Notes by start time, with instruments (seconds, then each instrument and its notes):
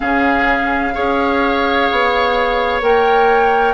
0.00 bassoon C#3, clarinet C#4, oboe G#4, flute F5
0.94 bassoon C#4, clarinet G#4, oboe C#5
1.91 bassoon B3
2.81 bassoon A#3, clarinet A#4, flute G5